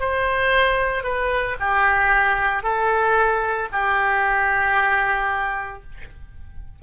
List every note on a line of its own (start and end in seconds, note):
0.00 1.03 C5
1.03 1.56 B4
1.60 2.63 G4
2.63 3.68 A4
3.72 5.83 G4